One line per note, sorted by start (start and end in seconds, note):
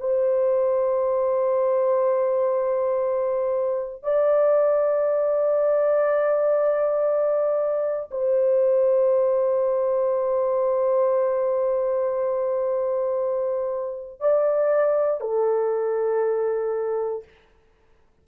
0.00 4.04 C5
4.04 8.10 D5
8.11 14.21 C5
14.21 15.21 D5
15.21 17.24 A4